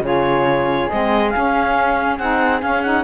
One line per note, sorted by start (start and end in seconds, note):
0.00 0.86 C#3
0.00 0.89 F4
0.00 3.04 G#4
0.00 0.89 C#5
0.89 1.35 G#3
0.89 1.33 C4
0.89 1.30 D#5
1.30 2.19 C#4
1.30 2.16 F5
2.17 2.62 C4
2.17 2.60 D#4
2.17 2.61 F#5
2.60 2.81 C#4
2.60 3.04 C#4
2.60 2.82 F5
2.82 3.04 D#4
2.82 3.03 F#5